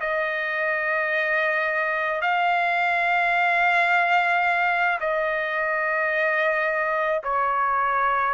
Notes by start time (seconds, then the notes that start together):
0.00 D#5
2.21 F5
5.00 D#5
7.23 C#5